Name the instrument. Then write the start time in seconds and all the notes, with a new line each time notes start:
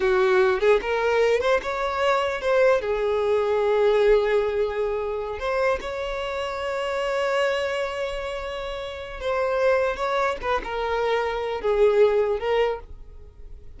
violin
0.00 F#4
0.60 G#4
0.81 A#4
1.40 C5
1.62 C#5
2.41 C5
2.81 G#4
5.39 C5
5.80 C#5
9.20 C5
9.96 C#5
10.41 B4
10.64 A#4
11.61 G#4
12.39 A#4